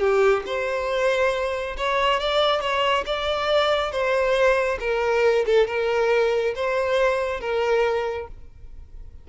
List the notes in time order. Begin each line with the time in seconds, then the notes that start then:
0.00 G4
0.46 C5
1.77 C#5
2.20 D5
2.61 C#5
3.06 D5
3.92 C5
4.80 A#4
5.46 A4
5.67 A#4
6.56 C5
7.41 A#4